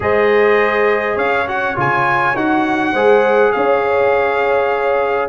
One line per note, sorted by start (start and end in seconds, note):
0.00 1.16 G#3
0.00 1.46 G#4
0.00 1.15 C5
0.00 1.18 D#5
1.15 1.74 C#4
1.15 2.92 C#5
1.15 1.47 F5
1.47 1.76 F#4
1.47 1.77 F#5
1.76 2.34 C#3
1.76 2.34 F4
1.76 2.36 G#5
2.34 2.93 D#4
2.34 2.95 F#4
2.34 3.52 F#5
2.92 3.52 G#3
2.92 5.29 G#4
2.92 3.51 C5
3.52 5.29 C#4
3.52 5.29 C#5
3.52 5.28 F5